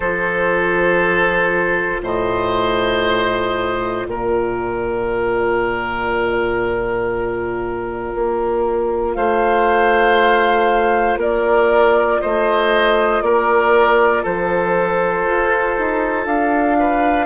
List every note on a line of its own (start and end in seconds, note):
0.00 2.01 F3
0.00 17.25 F4
0.00 2.01 A4
0.00 2.01 C5
2.01 4.04 A2
2.01 4.06 C5
2.01 4.06 D#5
4.06 8.14 A#2
4.06 9.16 A#4
4.06 9.14 D5
8.14 9.15 A#3
9.14 11.17 A3
9.14 11.19 C5
9.14 11.17 F5
11.17 12.18 A#3
11.17 12.21 A#4
11.17 12.20 D5
12.20 13.21 A3
12.20 13.23 C5
12.20 13.22 D#5
13.21 14.23 A#3
13.21 14.22 A#4
13.21 14.24 D5
14.22 15.25 F3
14.22 16.76 A4
14.22 16.26 C5
15.25 15.76 F4
15.78 16.25 D#4
16.25 17.25 D4
16.25 17.25 F5
16.79 17.25 B4